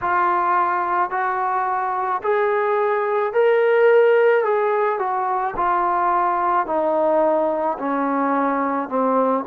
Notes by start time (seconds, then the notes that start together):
0.01 F4
1.10 F#4
2.22 G#4
3.33 A#4
4.44 G#4
4.98 F#4
5.56 F4
6.66 D#4
7.78 C#4
8.88 C4